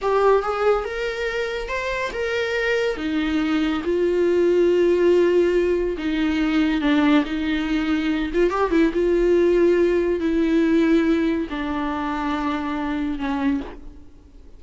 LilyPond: \new Staff \with { instrumentName = "viola" } { \time 4/4 \tempo 4 = 141 g'4 gis'4 ais'2 | c''4 ais'2 dis'4~ | dis'4 f'2.~ | f'2 dis'2 |
d'4 dis'2~ dis'8 f'8 | g'8 e'8 f'2. | e'2. d'4~ | d'2. cis'4 | }